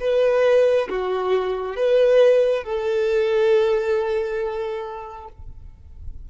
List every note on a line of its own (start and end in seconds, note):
0.00 0.88 B4
0.89 1.76 F#4
1.76 2.63 B4
2.63 5.28 A4